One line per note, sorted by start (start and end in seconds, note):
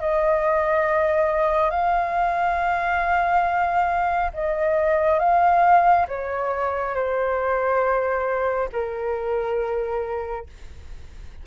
0.00 1.70 D#5
1.70 4.31 F5
4.33 5.19 D#5
5.19 6.06 F5
6.08 6.95 C#5
6.95 8.69 C5
8.72 10.46 A#4